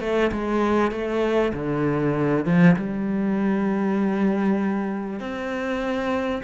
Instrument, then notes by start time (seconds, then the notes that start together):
cello
0.00 A3
0.31 G#3
0.91 A3
1.53 D3
2.45 F3
2.76 G3
5.20 C4